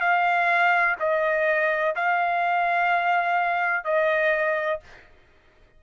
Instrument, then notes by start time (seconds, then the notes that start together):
trumpet
0.00 F5
0.99 D#5
1.95 F5
3.84 D#5